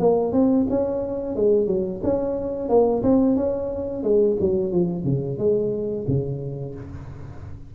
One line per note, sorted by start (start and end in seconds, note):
0.00 0.33 A#3
0.33 0.67 C4
0.70 1.36 C#4
1.36 1.67 G#3
1.67 2.01 F#3
2.04 2.69 C#4
2.69 3.03 A#3
3.03 3.36 C4
3.36 4.04 C#4
4.04 4.37 G#3
4.41 4.73 F#3
4.73 5.05 F3
5.05 5.38 C#3
5.39 6.06 G#3
6.08 6.75 C#3